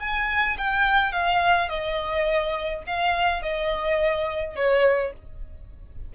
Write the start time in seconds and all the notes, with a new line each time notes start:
0.00 G#5
0.58 G5
1.13 F5
1.69 D#5
2.87 F5
3.43 D#5
4.56 C#5